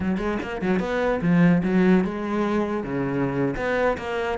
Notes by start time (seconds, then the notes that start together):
0.00 F#3
0.17 G#3
0.42 A#3
0.61 F#3
0.79 B3
1.21 F3
1.63 F#3
2.04 G#3
2.83 C#3
3.56 B3
3.97 A#3